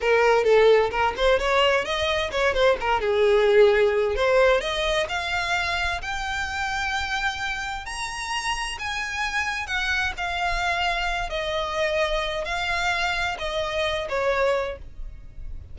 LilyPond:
\new Staff \with { instrumentName = "violin" } { \time 4/4 \tempo 4 = 130 ais'4 a'4 ais'8 c''8 cis''4 | dis''4 cis''8 c''8 ais'8 gis'4.~ | gis'4 c''4 dis''4 f''4~ | f''4 g''2.~ |
g''4 ais''2 gis''4~ | gis''4 fis''4 f''2~ | f''8 dis''2~ dis''8 f''4~ | f''4 dis''4. cis''4. | }